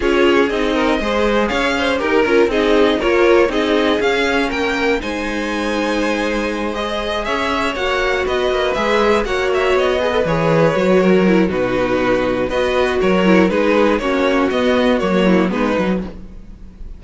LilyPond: <<
  \new Staff \with { instrumentName = "violin" } { \time 4/4 \tempo 4 = 120 cis''4 dis''2 f''4 | ais'4 dis''4 cis''4 dis''4 | f''4 g''4 gis''2~ | gis''4. dis''4 e''4 fis''8~ |
fis''8 dis''4 e''4 fis''8 e''8 dis''8~ | dis''8 cis''2~ cis''8 b'4~ | b'4 dis''4 cis''4 b'4 | cis''4 dis''4 cis''4 b'4 | }
  \new Staff \with { instrumentName = "violin" } { \time 4/4 gis'4. ais'8 c''4 cis''8 c''8 | ais'4 gis'4 ais'4 gis'4~ | gis'4 ais'4 c''2~ | c''2~ c''8 cis''4.~ |
cis''8 b'2 cis''4. | b'2 ais'4 fis'4~ | fis'4 b'4 ais'4 gis'4 | fis'2~ fis'8 e'8 dis'4 | }
  \new Staff \with { instrumentName = "viola" } { \time 4/4 f'4 dis'4 gis'2 | g'8 f'8 dis'4 f'4 dis'4 | cis'2 dis'2~ | dis'4. gis'2 fis'8~ |
fis'4. gis'4 fis'4. | gis'16 a'16 gis'4 fis'4 e'8 dis'4~ | dis'4 fis'4. e'8 dis'4 | cis'4 b4 ais4 b8 dis'8 | }
  \new Staff \with { instrumentName = "cello" } { \time 4/4 cis'4 c'4 gis4 cis'4 | dis'8 cis'8 c'4 ais4 c'4 | cis'4 ais4 gis2~ | gis2~ gis8 cis'4 ais8~ |
ais8 b8 ais8 gis4 ais4 b8~ | b8 e4 fis4. b,4~ | b,4 b4 fis4 gis4 | ais4 b4 fis4 gis8 fis8 | }
>>